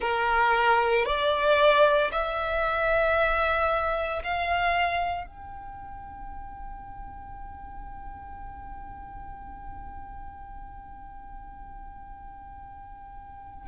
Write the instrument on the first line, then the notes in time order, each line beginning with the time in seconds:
violin
0.00 A#4
1.05 D5
2.11 E5
4.23 F5
5.26 G5